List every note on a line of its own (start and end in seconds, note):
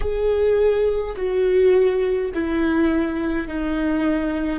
0.00 1.15 G#4
1.16 2.31 F#4
2.34 3.47 E4
3.47 4.59 D#4